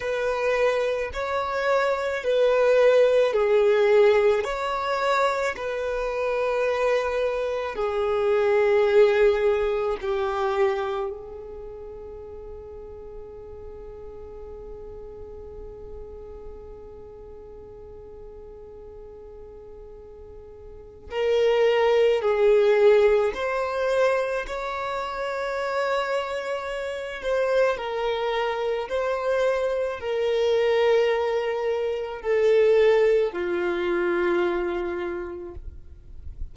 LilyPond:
\new Staff \with { instrumentName = "violin" } { \time 4/4 \tempo 4 = 54 b'4 cis''4 b'4 gis'4 | cis''4 b'2 gis'4~ | gis'4 g'4 gis'2~ | gis'1~ |
gis'2. ais'4 | gis'4 c''4 cis''2~ | cis''8 c''8 ais'4 c''4 ais'4~ | ais'4 a'4 f'2 | }